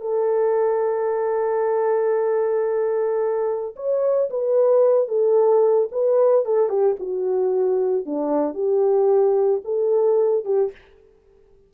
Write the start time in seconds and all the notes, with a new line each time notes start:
0.00 A4
3.76 C#5
4.30 B4
5.08 A4
5.91 B4
6.45 A4
6.69 G4
6.99 F#4
8.05 D4
8.54 G4
9.64 A4
10.45 G4